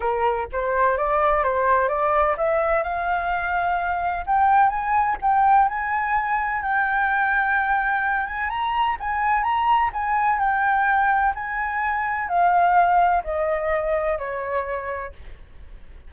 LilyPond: \new Staff \with { instrumentName = "flute" } { \time 4/4 \tempo 4 = 127 ais'4 c''4 d''4 c''4 | d''4 e''4 f''2~ | f''4 g''4 gis''4 g''4 | gis''2 g''2~ |
g''4. gis''8 ais''4 gis''4 | ais''4 gis''4 g''2 | gis''2 f''2 | dis''2 cis''2 | }